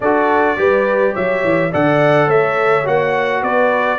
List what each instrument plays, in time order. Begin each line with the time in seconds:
0.00 tuba D4, trombone F#4, horn A4, trumpet D5
0.57 tuba G3, trombone G4, horn B4
1.13 tuba F#3, horn C#5, trumpet E5
1.43 tuba E3
1.71 tuba D3, trombone A4, horn D5, trumpet F#5
2.27 tuba A3, horn C#5, trumpet E5
2.84 tuba A#3, trombone F#4, trumpet F#5
3.42 tuba B3, horn B4, trumpet D5